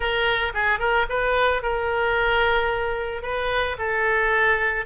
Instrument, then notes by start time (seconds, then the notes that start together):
oboe
0.00 A#4
0.54 G#4
0.79 A#4
1.09 B4
1.62 A#4
3.22 B4
3.78 A4